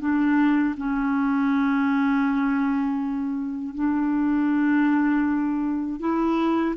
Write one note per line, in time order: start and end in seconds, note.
0.00 0.75 D4
0.77 3.75 C#4
3.75 6.00 D4
6.00 6.75 E4